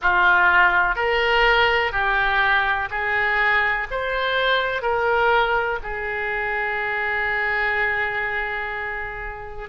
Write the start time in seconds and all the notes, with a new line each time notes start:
0.01 F4
0.95 A#4
1.92 G4
2.90 G#4
3.91 C5
4.82 A#4
5.82 G#4